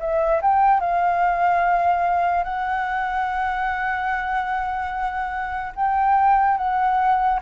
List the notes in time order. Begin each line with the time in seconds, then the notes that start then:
0.00 E5
0.42 G5
0.80 F5
2.44 F#5
5.75 G5
6.58 F#5